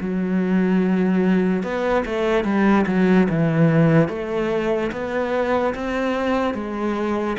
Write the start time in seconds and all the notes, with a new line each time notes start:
0.00 F#3
1.63 B3
2.05 A3
2.44 G3
2.86 F#3
3.29 E3
4.08 A3
4.92 B3
5.74 C4
6.54 G#3